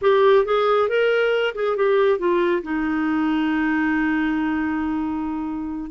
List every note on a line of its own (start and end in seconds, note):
0.01 0.45 G4
0.45 0.88 G#4
0.88 1.54 A#4
1.54 1.76 G#4
1.76 2.18 G4
2.18 2.62 F4
2.62 5.90 D#4